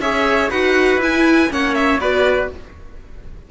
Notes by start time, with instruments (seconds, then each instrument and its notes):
0.00 cello C#4, viola G#4, trumpet C#5, violin E5
0.51 cello D#4, viola F#4, trumpet B4, violin F#5
0.97 cello E4, viola E4, violin G#5
1.50 cello A#3, viola C#4, trumpet C#5, violin F#5
1.75 violin E5
1.99 cello B3, viola F#4, trumpet B4, violin D5